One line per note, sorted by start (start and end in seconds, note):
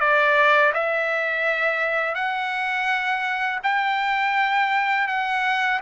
0.00 0.72 D5
0.74 2.15 E5
2.15 3.59 F#5
3.63 5.08 G5
5.08 5.80 F#5